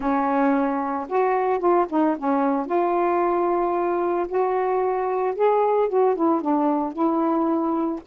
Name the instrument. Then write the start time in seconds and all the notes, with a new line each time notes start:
saxophone
0.00 C#4
1.09 F#4
1.59 F4
1.89 D#4
2.18 C#4
2.66 F4
4.27 F#4
5.35 G#4
5.88 F#4
6.15 E4
6.41 D4
6.92 E4